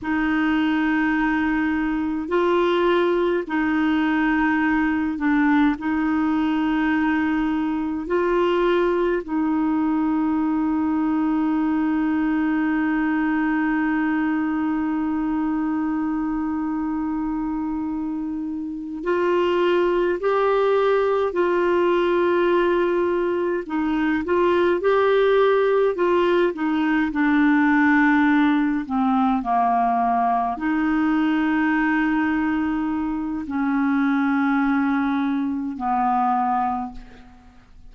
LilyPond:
\new Staff \with { instrumentName = "clarinet" } { \time 4/4 \tempo 4 = 52 dis'2 f'4 dis'4~ | dis'8 d'8 dis'2 f'4 | dis'1~ | dis'1~ |
dis'8 f'4 g'4 f'4.~ | f'8 dis'8 f'8 g'4 f'8 dis'8 d'8~ | d'4 c'8 ais4 dis'4.~ | dis'4 cis'2 b4 | }